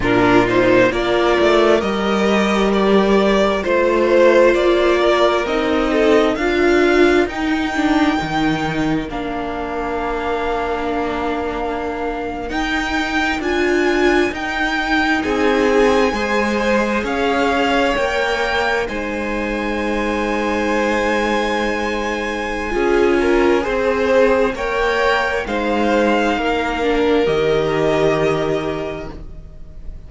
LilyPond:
<<
  \new Staff \with { instrumentName = "violin" } { \time 4/4 \tempo 4 = 66 ais'8 c''8 d''4 dis''4 d''4 | c''4 d''4 dis''4 f''4 | g''2 f''2~ | f''4.~ f''16 g''4 gis''4 g''16~ |
g''8. gis''2 f''4 g''16~ | g''8. gis''2.~ gis''16~ | gis''2. g''4 | f''2 dis''2 | }
  \new Staff \with { instrumentName = "violin" } { \time 4/4 f'4 ais'2. | c''4. ais'4 a'8 ais'4~ | ais'1~ | ais'1~ |
ais'8. gis'4 c''4 cis''4~ cis''16~ | cis''8. c''2.~ c''16~ | c''4 gis'8 ais'8 c''4 cis''4 | c''4 ais'2. | }
  \new Staff \with { instrumentName = "viola" } { \time 4/4 d'8 dis'8 f'4 g'2 | f'2 dis'4 f'4 | dis'8 d'8 dis'4 d'2~ | d'4.~ d'16 dis'4 f'4 dis'16~ |
dis'4.~ dis'16 gis'2 ais'16~ | ais'8. dis'2.~ dis'16~ | dis'4 f'4 gis'4 ais'4 | dis'4. d'8 g'2 | }
  \new Staff \with { instrumentName = "cello" } { \time 4/4 ais,4 ais8 a8 g2 | a4 ais4 c'4 d'4 | dis'4 dis4 ais2~ | ais4.~ ais16 dis'4 d'4 dis'16~ |
dis'8. c'4 gis4 cis'4 ais16~ | ais8. gis2.~ gis16~ | gis4 cis'4 c'4 ais4 | gis4 ais4 dis2 | }
>>